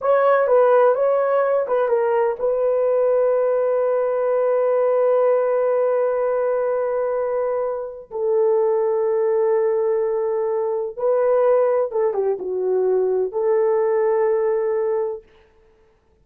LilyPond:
\new Staff \with { instrumentName = "horn" } { \time 4/4 \tempo 4 = 126 cis''4 b'4 cis''4. b'8 | ais'4 b'2.~ | b'1~ | b'1~ |
b'4 a'2.~ | a'2. b'4~ | b'4 a'8 g'8 fis'2 | a'1 | }